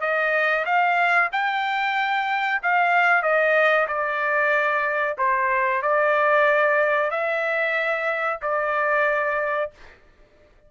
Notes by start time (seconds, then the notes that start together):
0.00 D#5
0.65 F5
1.32 G5
2.62 F5
3.22 D#5
3.87 D5
5.18 C5
5.82 D5
7.10 E5
8.41 D5